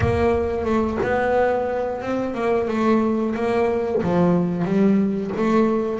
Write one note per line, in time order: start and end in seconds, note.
0.00 0.64 A#3
0.64 0.98 A3
1.02 2.01 B3
2.01 2.34 C4
2.34 2.68 A#3
2.68 3.34 A3
3.35 4.02 A#3
4.02 4.64 F3
4.64 5.31 G3
5.36 5.99 A3